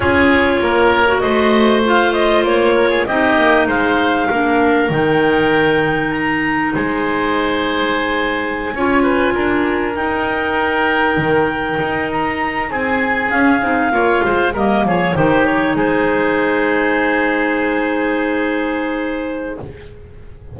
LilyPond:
<<
  \new Staff \with { instrumentName = "clarinet" } { \time 4/4 \tempo 4 = 98 cis''2 dis''4 f''8 dis''8 | cis''4 dis''4 f''2 | g''2 ais''4 gis''4~ | gis''1~ |
gis''16 g''2.~ g''8 ais''16~ | ais''8. gis''4 f''2 dis''16~ | dis''16 cis''8 c''8 cis''8 c''2~ c''16~ | c''1 | }
  \new Staff \with { instrumentName = "oboe" } { \time 4/4 gis'4 ais'4 c''2~ | c''8 ais'16 gis'16 g'4 c''4 ais'4~ | ais'2. c''4~ | c''2~ c''16 cis''8 b'8 ais'8.~ |
ais'1~ | ais'8. gis'2 cis''8 c''8 ais'16~ | ais'16 gis'8 g'4 gis'2~ gis'16~ | gis'1 | }
  \new Staff \with { instrumentName = "clarinet" } { \time 4/4 f'4.~ f'16 fis'4~ fis'16 f'4~ | f'4 dis'2 d'4 | dis'1~ | dis'2~ dis'16 f'4.~ f'16~ |
f'16 dis'2.~ dis'8.~ | dis'4.~ dis'16 cis'8 dis'8 f'4 ais16~ | ais8. dis'2.~ dis'16~ | dis'1 | }
  \new Staff \with { instrumentName = "double bass" } { \time 4/4 cis'4 ais4 a2 | ais4 c'8 ais8 gis4 ais4 | dis2. gis4~ | gis2~ gis16 cis'4 d'8.~ |
d'16 dis'2 dis4 dis'8.~ | dis'8. c'4 cis'8 c'8 ais8 gis8 g16~ | g16 f8 dis4 gis2~ gis16~ | gis1 | }
>>